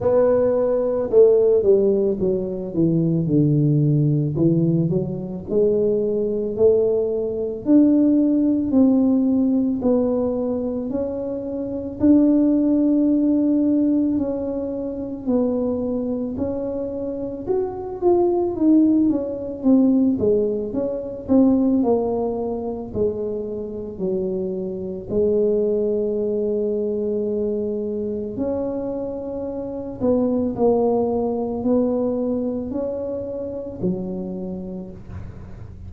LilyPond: \new Staff \with { instrumentName = "tuba" } { \time 4/4 \tempo 4 = 55 b4 a8 g8 fis8 e8 d4 | e8 fis8 gis4 a4 d'4 | c'4 b4 cis'4 d'4~ | d'4 cis'4 b4 cis'4 |
fis'8 f'8 dis'8 cis'8 c'8 gis8 cis'8 c'8 | ais4 gis4 fis4 gis4~ | gis2 cis'4. b8 | ais4 b4 cis'4 fis4 | }